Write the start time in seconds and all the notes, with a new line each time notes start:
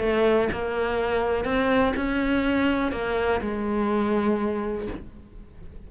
0.00 A3
0.52 A#3
1.45 C4
1.97 C#4
2.92 A#3
3.41 G#3